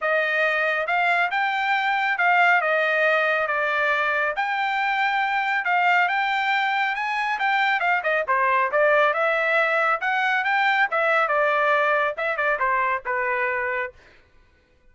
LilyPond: \new Staff \with { instrumentName = "trumpet" } { \time 4/4 \tempo 4 = 138 dis''2 f''4 g''4~ | g''4 f''4 dis''2 | d''2 g''2~ | g''4 f''4 g''2 |
gis''4 g''4 f''8 dis''8 c''4 | d''4 e''2 fis''4 | g''4 e''4 d''2 | e''8 d''8 c''4 b'2 | }